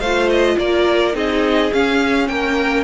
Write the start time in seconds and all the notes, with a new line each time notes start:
0.00 A3 C5 F5
0.06 F4
0.30 D#5
0.58 A#3 A#4 D5
1.14 C4 D#4 G#4 D#5
1.73 C#4 F5
2.28 A#3 A#4 G5